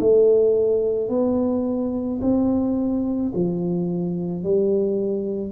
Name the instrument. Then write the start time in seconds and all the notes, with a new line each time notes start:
tuba
0.00 A3
1.10 B3
2.22 C4
3.35 F3
4.43 G3